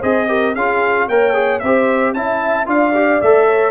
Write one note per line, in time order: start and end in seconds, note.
0.00 0.56 C4
0.00 0.28 G#4
0.00 0.27 C5
0.00 0.55 D#5
0.28 0.54 G4
0.28 0.55 A#4
0.55 1.09 C#4
0.55 1.10 F4
0.55 1.08 G#4
0.55 1.08 F5
1.09 1.62 A#3
1.09 1.34 A#4
1.09 1.62 C#5
1.09 1.59 G5
1.34 1.60 G#4
1.59 2.14 C4
1.59 2.16 G4
1.59 2.15 C5
1.59 2.12 E5
2.14 2.67 C#4
2.14 2.66 E4
2.14 2.68 E5
2.14 2.67 A5
2.66 3.20 D4
2.66 2.92 F4
2.66 3.47 D5
2.66 3.22 F5
2.95 3.21 G4
3.22 3.71 A3
3.22 3.71 A4
3.22 3.71 E5
3.47 3.71 C#5